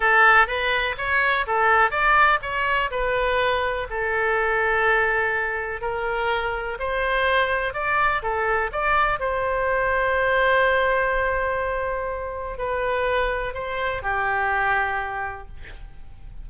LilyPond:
\new Staff \with { instrumentName = "oboe" } { \time 4/4 \tempo 4 = 124 a'4 b'4 cis''4 a'4 | d''4 cis''4 b'2 | a'1 | ais'2 c''2 |
d''4 a'4 d''4 c''4~ | c''1~ | c''2 b'2 | c''4 g'2. | }